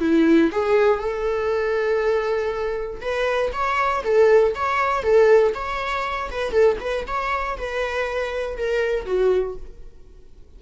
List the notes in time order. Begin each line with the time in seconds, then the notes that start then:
0.00 E4
0.52 G#4
0.99 A4
3.01 B4
3.53 C#5
4.04 A4
4.55 C#5
5.03 A4
5.55 C#5
6.31 B4
6.52 A4
6.81 B4
7.07 C#5
7.58 B4
8.57 A#4
9.06 F#4